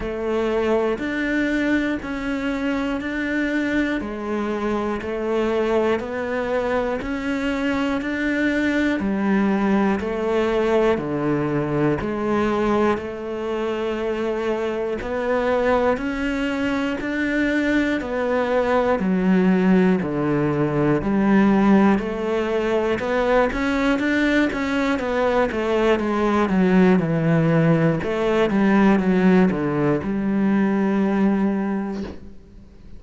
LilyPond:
\new Staff \with { instrumentName = "cello" } { \time 4/4 \tempo 4 = 60 a4 d'4 cis'4 d'4 | gis4 a4 b4 cis'4 | d'4 g4 a4 d4 | gis4 a2 b4 |
cis'4 d'4 b4 fis4 | d4 g4 a4 b8 cis'8 | d'8 cis'8 b8 a8 gis8 fis8 e4 | a8 g8 fis8 d8 g2 | }